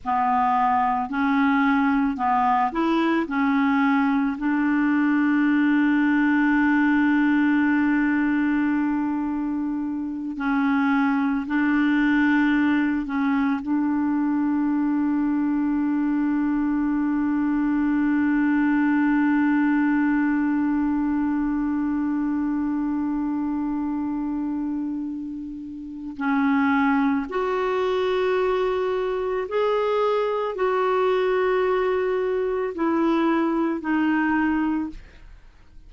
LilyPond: \new Staff \with { instrumentName = "clarinet" } { \time 4/4 \tempo 4 = 55 b4 cis'4 b8 e'8 cis'4 | d'1~ | d'4. cis'4 d'4. | cis'8 d'2.~ d'8~ |
d'1~ | d'1 | cis'4 fis'2 gis'4 | fis'2 e'4 dis'4 | }